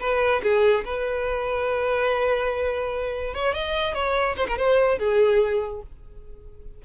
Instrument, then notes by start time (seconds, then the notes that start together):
violin
0.00 B4
0.43 G#4
0.85 B4
3.34 C#5
3.54 D#5
3.94 C#5
4.37 C5
4.48 A#4
4.58 C5
4.98 G#4